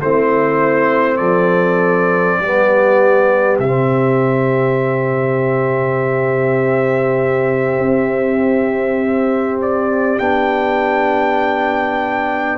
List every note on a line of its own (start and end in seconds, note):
0.00 1.20 A3
0.00 2.43 C4
0.00 1.18 E4
0.00 1.17 C5
1.17 2.39 F3
1.17 2.38 A4
1.17 3.56 D5
2.39 3.58 G3
2.39 3.64 B3
2.39 12.58 G4
3.58 7.78 C3
3.58 10.20 C4
3.58 9.59 E5
7.78 10.18 C4
9.62 10.19 D5
10.19 12.58 B3
10.19 12.58 D4
10.19 12.58 G5